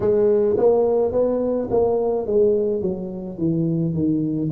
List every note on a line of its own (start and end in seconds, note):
0.00 0.56 G#3
0.57 1.12 A#3
1.12 1.68 B3
1.70 2.26 A#3
2.26 2.81 G#3
2.81 3.38 F#3
3.38 3.93 E3
3.93 4.50 D#3